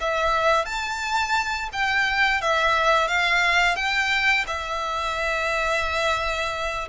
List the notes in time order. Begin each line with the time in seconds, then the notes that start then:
0.00 E5
0.66 A5
1.72 G5
2.41 E5
3.08 F5
3.76 G5
4.47 E5